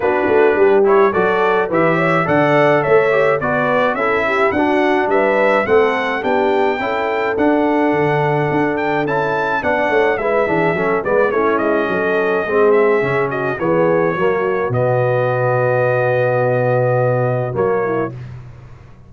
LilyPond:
<<
  \new Staff \with { instrumentName = "trumpet" } { \time 4/4 \tempo 4 = 106 b'4. cis''8 d''4 e''4 | fis''4 e''4 d''4 e''4 | fis''4 e''4 fis''4 g''4~ | g''4 fis''2~ fis''8 g''8 |
a''4 fis''4 e''4. d''8 | cis''8 dis''2 e''4 dis''8 | cis''2 dis''2~ | dis''2. cis''4 | }
  \new Staff \with { instrumentName = "horn" } { \time 4/4 fis'4 g'4 a'4 b'8 cis''8 | d''4 cis''4 b'4 a'8 g'8 | fis'4 b'4 a'4 g'4 | a'1~ |
a'4 d''8 cis''8 b'8 gis'8 a'8 b'8 | e'4 a'4 gis'4. fis'8 | gis'4 fis'2.~ | fis'2.~ fis'8 e'8 | }
  \new Staff \with { instrumentName = "trombone" } { \time 4/4 d'4. e'8 fis'4 g'4 | a'4. g'8 fis'4 e'4 | d'2 c'4 d'4 | e'4 d'2. |
e'4 d'4 e'8 d'8 cis'8 b8 | cis'2 c'4 cis'4 | b4 ais4 b2~ | b2. ais4 | }
  \new Staff \with { instrumentName = "tuba" } { \time 4/4 b8 a8 g4 fis4 e4 | d4 a4 b4 cis'4 | d'4 g4 a4 b4 | cis'4 d'4 d4 d'4 |
cis'4 b8 a8 gis8 e8 fis8 gis8 | a8 gis8 fis4 gis4 cis4 | e4 fis4 b,2~ | b,2. fis4 | }
>>